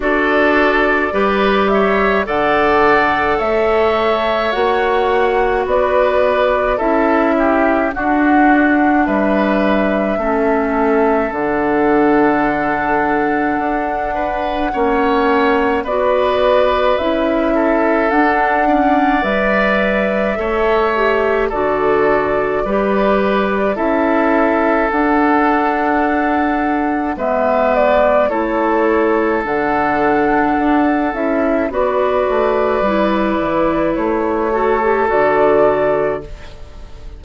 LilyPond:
<<
  \new Staff \with { instrumentName = "flute" } { \time 4/4 \tempo 4 = 53 d''4. e''8 fis''4 e''4 | fis''4 d''4 e''4 fis''4 | e''2 fis''2~ | fis''2 d''4 e''4 |
fis''4 e''2 d''4~ | d''4 e''4 fis''2 | e''8 d''8 cis''4 fis''4. e''8 | d''2 cis''4 d''4 | }
  \new Staff \with { instrumentName = "oboe" } { \time 4/4 a'4 b'8 cis''8 d''4 cis''4~ | cis''4 b'4 a'8 g'8 fis'4 | b'4 a'2.~ | a'8 b'8 cis''4 b'4. a'8~ |
a'8 d''4. cis''4 a'4 | b'4 a'2. | b'4 a'2. | b'2~ b'8 a'4. | }
  \new Staff \with { instrumentName = "clarinet" } { \time 4/4 fis'4 g'4 a'2 | fis'2 e'4 d'4~ | d'4 cis'4 d'2~ | d'4 cis'4 fis'4 e'4 |
d'8 cis'8 b'4 a'8 g'8 fis'4 | g'4 e'4 d'2 | b4 e'4 d'4. e'8 | fis'4 e'4. fis'16 g'16 fis'4 | }
  \new Staff \with { instrumentName = "bassoon" } { \time 4/4 d'4 g4 d4 a4 | ais4 b4 cis'4 d'4 | g4 a4 d2 | d'4 ais4 b4 cis'4 |
d'4 g4 a4 d4 | g4 cis'4 d'2 | gis4 a4 d4 d'8 cis'8 | b8 a8 g8 e8 a4 d4 | }
>>